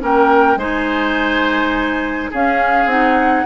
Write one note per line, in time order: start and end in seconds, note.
0.00 0.56 A#3
0.00 0.58 C#4
0.00 0.59 A#4
0.00 0.58 G5
0.56 2.29 G#3
0.56 2.33 D#4
0.56 2.31 C5
0.56 2.31 G#5
2.31 2.85 C#4
2.31 2.89 C#4
2.31 3.46 G#4
2.31 2.89 F5
2.85 3.43 C4
2.85 3.46 D#4
2.85 3.46 F#5